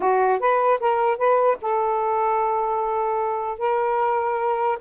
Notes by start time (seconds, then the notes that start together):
0.00 F#4
0.39 B4
0.79 A#4
1.17 B4
1.61 A4
3.58 A#4